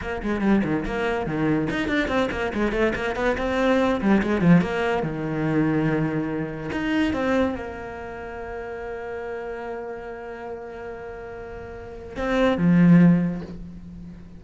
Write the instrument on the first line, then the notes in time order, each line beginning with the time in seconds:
cello
0.01 A#3
0.22 G#3
0.41 G3
0.64 D#3
0.85 A#3
1.26 D#3
1.70 D#4
1.88 D4
2.08 C4
2.31 A#3
2.54 G#3
2.72 A3
2.95 A#3
3.15 B3
3.37 C4
4.01 G3
4.22 G#3
4.41 F3
4.61 A#3
5.02 D#3
6.72 D#4
7.13 C4
7.55 A#3
12.16 C4
12.57 F3